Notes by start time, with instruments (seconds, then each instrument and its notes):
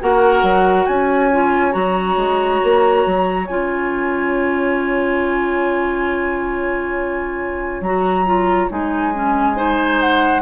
0.00 bassoon A#3, clarinet F#4, oboe A#4, flute F#5
0.42 bassoon F#3
0.86 bassoon C#4, oboe C#5, flute G#5
1.32 clarinet F4
1.71 bassoon F#3, clarinet F#4, flute A#5
2.16 bassoon G#3
2.63 bassoon A#3
3.06 bassoon F#3
3.47 bassoon C#4, clarinet F4, flute G#5
7.81 bassoon F#3, clarinet F#4, flute A#5
8.26 clarinet F4
8.69 bassoon G#3, clarinet D#4, flute G#5
9.14 clarinet C#4
9.55 clarinet D#4, oboe C5
10.00 flute F#5